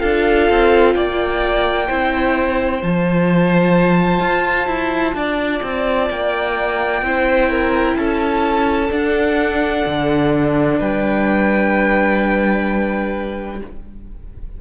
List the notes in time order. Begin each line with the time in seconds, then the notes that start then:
0.00 D4 F4 A4 F5
0.50 C4
0.95 A#3 D5 G5
1.88 C4 E4 C5
2.83 F3 F4 A5
4.21 F4
4.67 E4
5.15 D4 D5
5.63 C4
6.10 A#3 G5
7.02 C4 E4 C5
7.50 A#4
7.96 C#4 A4 A5
8.89 D4 F#5
9.86 D3
10.79 G3 B4 G5